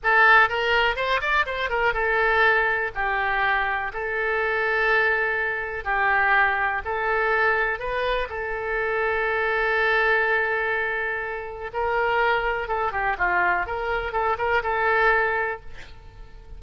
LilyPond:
\new Staff \with { instrumentName = "oboe" } { \time 4/4 \tempo 4 = 123 a'4 ais'4 c''8 d''8 c''8 ais'8 | a'2 g'2 | a'1 | g'2 a'2 |
b'4 a'2.~ | a'1 | ais'2 a'8 g'8 f'4 | ais'4 a'8 ais'8 a'2 | }